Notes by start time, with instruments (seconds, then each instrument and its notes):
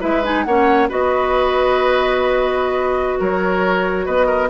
0.00 bassoon G#3, clarinet E4, oboe B4, flute E5
0.24 clarinet D#4, flute G#5
0.45 bassoon A#3, clarinet C#4, oboe C#5, flute F#5
0.89 bassoon B3, clarinet F#4, oboe B4, flute D#5
3.20 bassoon F#3, oboe A#4, flute C#5
4.06 bassoon B3, oboe B4, flute D#5
4.27 oboe A#4